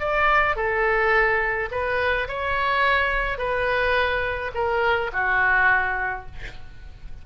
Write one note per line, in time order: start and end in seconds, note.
0.00 0.56 D5
0.56 1.69 A4
1.71 2.28 B4
2.28 3.38 C#5
3.38 4.51 B4
4.54 5.11 A#4
5.13 6.27 F#4